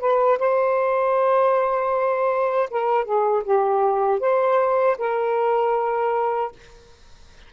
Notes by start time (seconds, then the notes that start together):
0.00 B4
0.39 C5
2.71 A#4
3.05 G#4
3.44 G4
4.20 C5
4.98 A#4